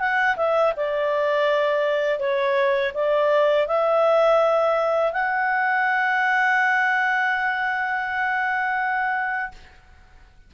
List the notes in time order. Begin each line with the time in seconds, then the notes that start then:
0.00 F#5
0.37 E5
0.76 D5
2.20 C#5
2.94 D5
3.68 E5
5.13 F#5